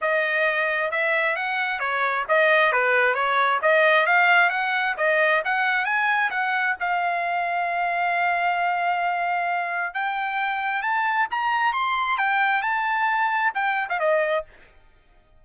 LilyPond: \new Staff \with { instrumentName = "trumpet" } { \time 4/4 \tempo 4 = 133 dis''2 e''4 fis''4 | cis''4 dis''4 b'4 cis''4 | dis''4 f''4 fis''4 dis''4 | fis''4 gis''4 fis''4 f''4~ |
f''1~ | f''2 g''2 | a''4 ais''4 c'''4 g''4 | a''2 g''8. f''16 dis''4 | }